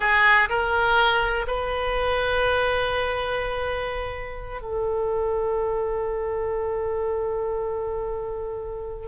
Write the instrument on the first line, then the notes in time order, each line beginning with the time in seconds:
oboe
0.00 G#4
0.49 A#4
1.47 B4
4.61 A4